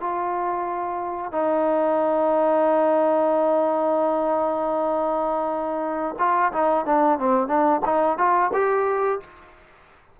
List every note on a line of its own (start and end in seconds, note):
0.00 1.32 F4
1.32 6.15 D#4
6.19 6.52 F4
6.52 6.86 D#4
6.86 7.19 D4
7.19 7.48 C4
7.48 7.81 D4
7.85 8.18 D#4
8.18 8.51 F4
8.53 9.20 G4